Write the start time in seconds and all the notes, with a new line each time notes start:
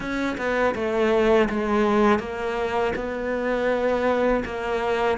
0.00 C#4
0.37 B3
0.74 A3
1.49 G#3
2.19 A#3
2.95 B3
4.44 A#3